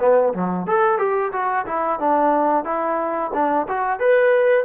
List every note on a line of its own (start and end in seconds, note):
0.00 0.33 B3
0.34 0.67 F#3
0.67 0.99 A4
0.99 1.32 G4
1.33 1.66 F#4
1.67 2.00 E4
2.00 2.65 D4
2.65 3.32 E4
3.34 3.67 D4
3.68 4.00 F#4
4.00 4.65 B4